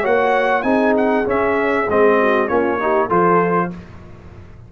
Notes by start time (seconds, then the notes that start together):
0.00 A#3 F#4 C#5 F#5
0.62 C4 D#4 G#4 G#5
0.97 F#5
1.24 C#4 E5
1.88 G#3 C4 D#5
2.20 F#4
2.48 A#3 C#4 F4 C#5
2.79 D#4 G4
3.07 F3 F4 A4 C5